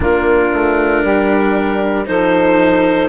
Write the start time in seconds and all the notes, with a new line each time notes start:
0.00 A#3 D4 F4 A#4
0.53 A3
1.03 G3 G4
2.06 F3 D#4 A4 C5